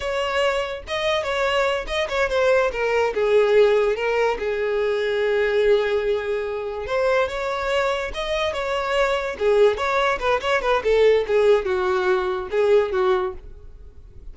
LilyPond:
\new Staff \with { instrumentName = "violin" } { \time 4/4 \tempo 4 = 144 cis''2 dis''4 cis''4~ | cis''8 dis''8 cis''8 c''4 ais'4 gis'8~ | gis'4. ais'4 gis'4.~ | gis'1~ |
gis'8 c''4 cis''2 dis''8~ | dis''8 cis''2 gis'4 cis''8~ | cis''8 b'8 cis''8 b'8 a'4 gis'4 | fis'2 gis'4 fis'4 | }